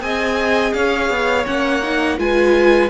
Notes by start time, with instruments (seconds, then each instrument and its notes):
0.00 cello C4, viola G#4, violin D#5 G#5
0.73 cello C#4, violin C#5 F5
1.09 cello B3
1.45 cello A#3, viola C#4, violin F#5
1.83 viola D#4
2.18 cello G#3, viola F4, violin B4 G#5